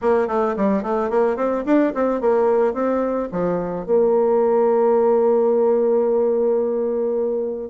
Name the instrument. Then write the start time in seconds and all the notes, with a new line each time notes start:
bassoon
0.01 A#3
0.27 A3
0.56 G3
0.82 A3
1.09 A#3
1.36 C4
1.65 D4
1.94 C4
2.20 A#3
2.73 C4
3.31 F3
3.86 A#3